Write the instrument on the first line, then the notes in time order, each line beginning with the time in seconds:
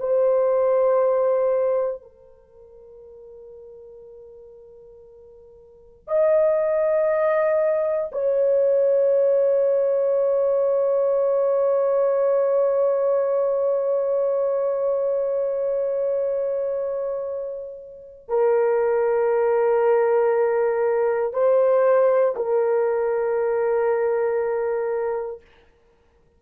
horn
0.00 C5
2.02 A#4
6.08 D#5
8.12 C#5
18.29 A#4
21.34 C5
22.36 A#4